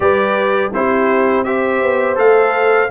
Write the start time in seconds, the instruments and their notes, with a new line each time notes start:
0.00 tuba G3, trombone G4, horn B4, trumpet D5
0.73 tuba C4, trombone E4, horn G4, trumpet C5
1.44 trombone G4, horn C5, trumpet E5
1.82 tuba B3
2.15 tuba A3, trombone A4, trumpet F5